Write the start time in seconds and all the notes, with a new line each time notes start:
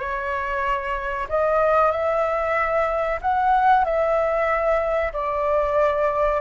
0.00 C#5
1.29 D#5
1.92 E5
3.22 F#5
3.85 E5
5.13 D5